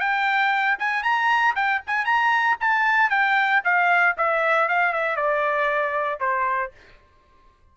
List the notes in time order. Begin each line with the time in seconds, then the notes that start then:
0.00 G5
0.79 G#5
1.03 A#5
1.56 G5
1.87 G#5
2.05 A#5
2.61 A5
3.10 G5
3.65 F5
4.18 E5
4.69 F5
4.93 E5
5.17 D5
6.20 C5